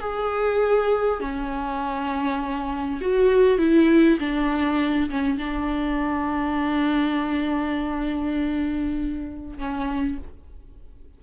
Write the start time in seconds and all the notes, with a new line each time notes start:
0.00 G#4
1.20 C#4
3.01 F#4
3.58 E4
4.19 D4
5.10 C#4
5.38 D4
9.58 C#4